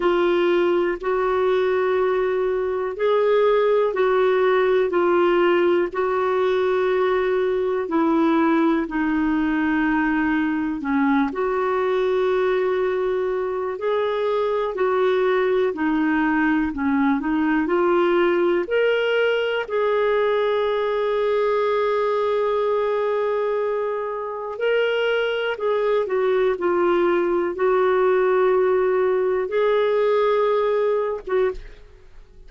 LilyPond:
\new Staff \with { instrumentName = "clarinet" } { \time 4/4 \tempo 4 = 61 f'4 fis'2 gis'4 | fis'4 f'4 fis'2 | e'4 dis'2 cis'8 fis'8~ | fis'2 gis'4 fis'4 |
dis'4 cis'8 dis'8 f'4 ais'4 | gis'1~ | gis'4 ais'4 gis'8 fis'8 f'4 | fis'2 gis'4.~ gis'16 fis'16 | }